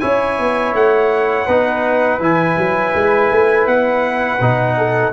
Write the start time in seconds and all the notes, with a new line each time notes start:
0.00 C#4 E4 C#5 G#5
0.39 B3
0.74 A3 F#5
1.46 B3 D#4 B4
2.20 E3 E4 G#5
2.57 F#3
2.95 G#3
3.31 A3
3.67 B3 F#5
4.41 B2 D#4
4.78 A4